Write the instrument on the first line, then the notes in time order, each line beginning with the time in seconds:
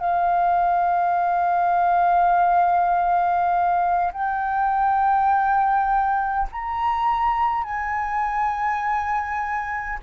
flute
0.00 F5
4.12 G5
6.52 A#5
7.64 G#5